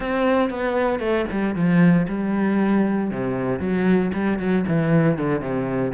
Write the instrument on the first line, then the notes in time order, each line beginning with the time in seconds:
cello
0.00 C4
0.50 B3
0.99 A3
1.31 G3
1.55 F3
2.07 G3
3.10 C3
3.59 F#3
4.13 G3
4.38 F#3
4.67 E3
5.18 D3
5.40 C3